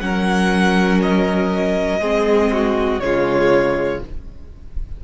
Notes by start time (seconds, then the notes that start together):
0.00 F#3 C#4 A#4 F#5
1.02 D#5
1.99 G#3 C4 G#4
2.52 F#4
2.99 C#3 G#3 F4 C#5